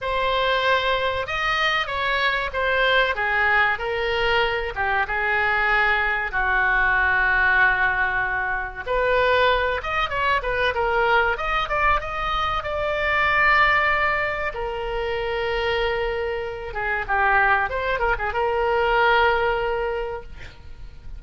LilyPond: \new Staff \with { instrumentName = "oboe" } { \time 4/4 \tempo 4 = 95 c''2 dis''4 cis''4 | c''4 gis'4 ais'4. g'8 | gis'2 fis'2~ | fis'2 b'4. dis''8 |
cis''8 b'8 ais'4 dis''8 d''8 dis''4 | d''2. ais'4~ | ais'2~ ais'8 gis'8 g'4 | c''8 ais'16 gis'16 ais'2. | }